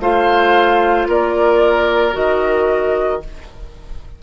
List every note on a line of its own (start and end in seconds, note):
0.00 1.07 A3
0.00 2.13 F4
0.00 1.08 C5
0.00 1.09 F5
1.08 2.15 A#3
1.08 3.23 A#4
1.08 2.15 D5
2.13 3.23 D#3
2.13 3.20 F#4
2.13 3.22 D#5